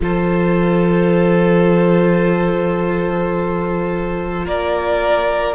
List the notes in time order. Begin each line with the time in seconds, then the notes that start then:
0.00 F3 F4 A4 C5
4.44 A#3 A#4 D5